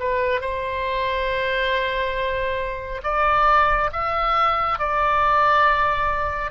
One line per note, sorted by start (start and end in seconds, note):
0.00 0.41 B4
0.41 3.02 C5
3.04 3.91 D5
3.93 4.79 E5
4.79 6.51 D5